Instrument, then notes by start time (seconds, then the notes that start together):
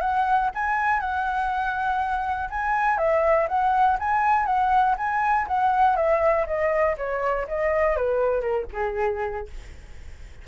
flute
0.00 F#5
0.54 G#5
1.00 F#5
2.50 G#5
2.98 E5
3.48 F#5
3.99 G#5
4.45 F#5
4.97 G#5
5.47 F#5
5.96 E5
6.46 D#5
6.97 C#5
7.47 D#5
7.96 B4
8.41 A#4
8.72 G#4